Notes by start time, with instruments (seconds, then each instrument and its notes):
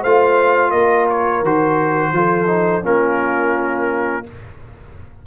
0.00 tuba A3, trombone F4, horn C5, trumpet F5
0.70 tuba A#3, horn A#4, trumpet D#5
1.10 trumpet C#5
1.42 tuba D#3, trombone F#4, trumpet C5
2.13 tuba F3, trombone F4, horn A4
2.47 trombone D#4
2.82 tuba A#3, trombone C#4, horn F4, trumpet A#4